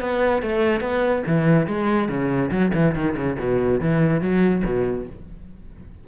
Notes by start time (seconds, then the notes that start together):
0.00 B3
0.42 A3
0.80 B3
1.26 E3
1.67 G#3
2.08 C#3
2.51 F#3
2.74 E3
2.95 D#3
3.16 C#3
3.39 B2
3.80 E3
4.21 F#3
4.64 B2